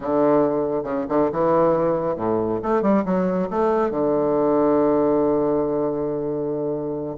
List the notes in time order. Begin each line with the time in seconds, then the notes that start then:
0.00 D3
0.83 C#3
1.08 D3
1.31 E3
2.16 A2
2.62 A3
2.82 G3
3.05 F#3
3.50 A3
3.90 D3